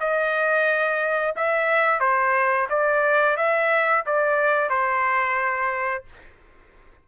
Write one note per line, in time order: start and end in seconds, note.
0.00 1.35 D#5
1.36 2.00 E5
2.00 2.68 C5
2.70 3.37 D5
3.37 4.04 E5
4.06 4.70 D5
4.70 6.05 C5